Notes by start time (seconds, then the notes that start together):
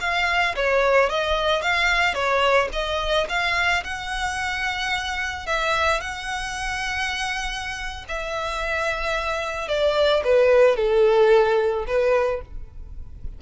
0.00 F5
0.55 C#5
1.09 D#5
1.61 F5
2.14 C#5
2.72 D#5
3.29 F5
3.83 F#5
5.46 E5
6.00 F#5
8.08 E5
9.68 D5
10.24 B4
10.76 A4
11.86 B4